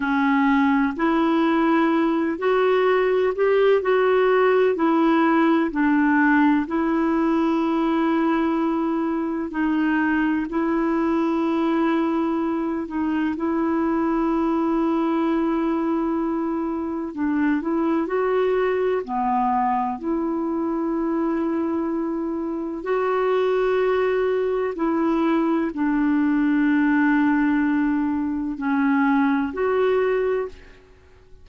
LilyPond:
\new Staff \with { instrumentName = "clarinet" } { \time 4/4 \tempo 4 = 63 cis'4 e'4. fis'4 g'8 | fis'4 e'4 d'4 e'4~ | e'2 dis'4 e'4~ | e'4. dis'8 e'2~ |
e'2 d'8 e'8 fis'4 | b4 e'2. | fis'2 e'4 d'4~ | d'2 cis'4 fis'4 | }